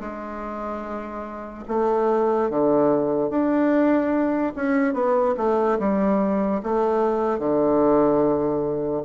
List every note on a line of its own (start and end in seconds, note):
0.00 1.64 G#3
1.68 2.50 A3
2.50 3.30 D3
3.30 4.53 D4
4.56 4.94 C#4
4.94 5.35 B3
5.37 5.78 A3
5.79 6.61 G3
6.63 7.39 A3
7.39 9.03 D3